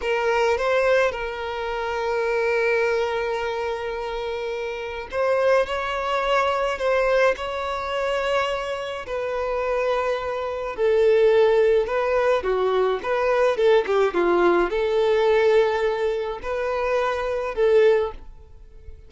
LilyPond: \new Staff \with { instrumentName = "violin" } { \time 4/4 \tempo 4 = 106 ais'4 c''4 ais'2~ | ais'1~ | ais'4 c''4 cis''2 | c''4 cis''2. |
b'2. a'4~ | a'4 b'4 fis'4 b'4 | a'8 g'8 f'4 a'2~ | a'4 b'2 a'4 | }